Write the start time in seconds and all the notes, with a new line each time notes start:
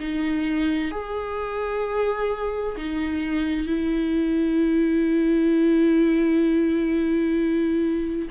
0.00 D#4
0.92 G#4
2.77 D#4
3.67 E4